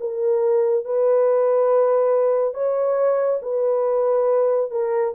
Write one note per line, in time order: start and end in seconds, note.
0.00 0.85 A#4
0.85 2.54 B4
2.54 3.39 C#5
3.42 4.70 B4
4.71 5.14 A#4